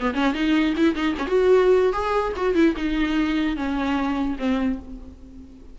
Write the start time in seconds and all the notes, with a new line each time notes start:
0.00 B3
0.14 C#4
0.34 D#4
0.77 E4
0.95 D#4
1.18 C#4
1.27 F#4
1.93 G#4
2.36 F#4
2.54 E4
2.76 D#4
3.56 C#4
4.39 C4